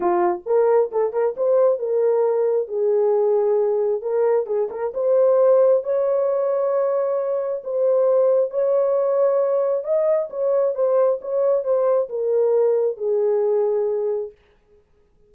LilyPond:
\new Staff \with { instrumentName = "horn" } { \time 4/4 \tempo 4 = 134 f'4 ais'4 a'8 ais'8 c''4 | ais'2 gis'2~ | gis'4 ais'4 gis'8 ais'8 c''4~ | c''4 cis''2.~ |
cis''4 c''2 cis''4~ | cis''2 dis''4 cis''4 | c''4 cis''4 c''4 ais'4~ | ais'4 gis'2. | }